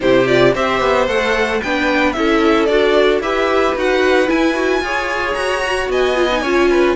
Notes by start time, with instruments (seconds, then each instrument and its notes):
0.00 cello C3, viola E4, violin G4 C5
0.26 viola F4, violin D5
0.54 cello C4, viola G4, violin C5 E5
0.80 cello B3
1.07 cello A3, viola A4, violin F#5
1.62 cello B3, viola D4, violin B4 G5
2.12 cello C#4, viola E4, violin A4 E5
2.65 cello D4, viola F#4, violin D5
3.20 cello E4, viola G4, violin B4 E5
3.75 cello D#4, viola F#4, violin F#5
4.26 viola E4, cello E4, violin G#5
4.54 viola F#4
4.80 cello F4, viola G#4, violin C#5
5.33 cello F#4, violin A#5
5.64 viola F#4
5.89 cello B3, violin D#5 G#5
6.15 viola F4
6.31 viola D#4
6.41 cello C#4, viola F4, violin C#5
6.70 violin B4